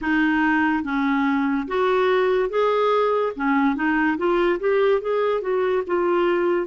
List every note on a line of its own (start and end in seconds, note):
0.01 0.83 D#4
0.83 1.67 C#4
1.67 2.49 F#4
2.49 3.33 G#4
3.36 3.75 C#4
3.75 4.17 D#4
4.17 4.59 F4
4.59 5.01 G4
5.01 5.41 G#4
5.41 5.82 F#4
5.86 6.67 F4